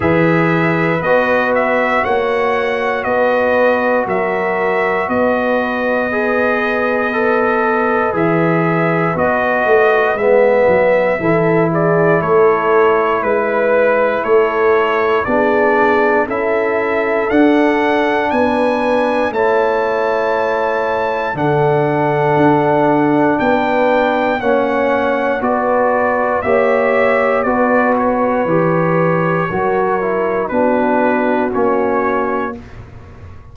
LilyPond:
<<
  \new Staff \with { instrumentName = "trumpet" } { \time 4/4 \tempo 4 = 59 e''4 dis''8 e''8 fis''4 dis''4 | e''4 dis''2. | e''4 dis''4 e''4. d''8 | cis''4 b'4 cis''4 d''4 |
e''4 fis''4 gis''4 a''4~ | a''4 fis''2 g''4 | fis''4 d''4 e''4 d''8 cis''8~ | cis''2 b'4 cis''4 | }
  \new Staff \with { instrumentName = "horn" } { \time 4/4 b'2 cis''4 b'4 | ais'4 b'2.~ | b'2. a'8 gis'8 | a'4 b'4 a'4 gis'4 |
a'2 b'4 cis''4~ | cis''4 a'2 b'4 | cis''4 b'4 cis''4 b'4~ | b'4 ais'4 fis'2 | }
  \new Staff \with { instrumentName = "trombone" } { \time 4/4 gis'4 fis'2.~ | fis'2 gis'4 a'4 | gis'4 fis'4 b4 e'4~ | e'2. d'4 |
e'4 d'2 e'4~ | e'4 d'2. | cis'4 fis'4 g'4 fis'4 | g'4 fis'8 e'8 d'4 cis'4 | }
  \new Staff \with { instrumentName = "tuba" } { \time 4/4 e4 b4 ais4 b4 | fis4 b2. | e4 b8 a8 gis8 fis8 e4 | a4 gis4 a4 b4 |
cis'4 d'4 b4 a4~ | a4 d4 d'4 b4 | ais4 b4 ais4 b4 | e4 fis4 b4 ais4 | }
>>